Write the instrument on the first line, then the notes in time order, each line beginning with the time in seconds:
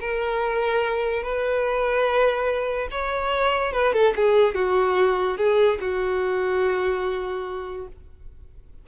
violin
0.00 A#4
1.23 B4
2.91 C#5
3.73 B4
3.93 A4
4.15 G#4
4.54 F#4
5.37 G#4
5.80 F#4